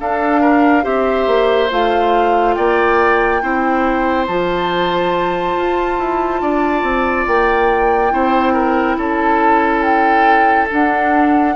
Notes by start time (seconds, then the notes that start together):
0.00 D4 A4 F5
0.41 A#4
0.82 C4 G4 C5 E5
1.27 A#3
1.70 A3 F4 F5
2.54 A#3 D5 G5
3.42 C4 E4 C5
4.27 F3 F4 A5
5.57 F4
5.99 E4
6.42 D4 D5
6.83 C4
7.27 A#3 G5
8.11 C4 E4 C5
8.53 A#4
8.97 C#4 A4 A5
9.82 G5
10.69 D4 F#5